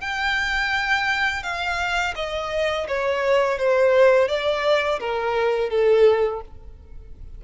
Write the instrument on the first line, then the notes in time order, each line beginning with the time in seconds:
violin
0.00 G5
1.43 F5
2.15 D#5
2.88 C#5
3.58 C5
4.28 D5
5.00 A#4
5.69 A4